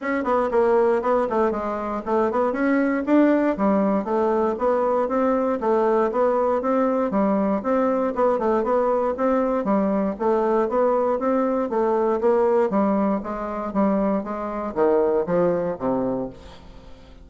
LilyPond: \new Staff \with { instrumentName = "bassoon" } { \time 4/4 \tempo 4 = 118 cis'8 b8 ais4 b8 a8 gis4 | a8 b8 cis'4 d'4 g4 | a4 b4 c'4 a4 | b4 c'4 g4 c'4 |
b8 a8 b4 c'4 g4 | a4 b4 c'4 a4 | ais4 g4 gis4 g4 | gis4 dis4 f4 c4 | }